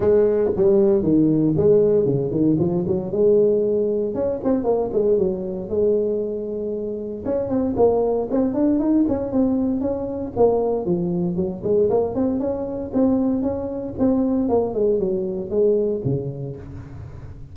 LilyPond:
\new Staff \with { instrumentName = "tuba" } { \time 4/4 \tempo 4 = 116 gis4 g4 dis4 gis4 | cis8 dis8 f8 fis8 gis2 | cis'8 c'8 ais8 gis8 fis4 gis4~ | gis2 cis'8 c'8 ais4 |
c'8 d'8 dis'8 cis'8 c'4 cis'4 | ais4 f4 fis8 gis8 ais8 c'8 | cis'4 c'4 cis'4 c'4 | ais8 gis8 fis4 gis4 cis4 | }